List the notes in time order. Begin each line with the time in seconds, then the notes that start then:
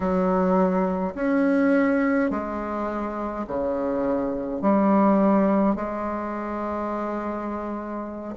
0.00 F#3
1.14 C#4
2.30 G#3
3.47 C#3
4.61 G3
5.75 G#3